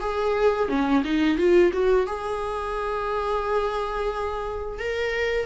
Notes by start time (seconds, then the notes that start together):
0.00 G#4
0.68 C#4
1.04 D#4
1.38 F4
1.73 F#4
2.07 G#4
4.79 A#4